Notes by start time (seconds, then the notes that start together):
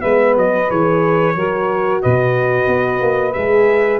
0.00 G#3 B3 B4 E5
0.36 F#3 D#5
0.68 E3 G#4 C#5
1.35 F#3 F#4 A#4
2.01 B2 B4 D#5
2.67 B3
3.01 A#3
3.32 G#3 G#4 E5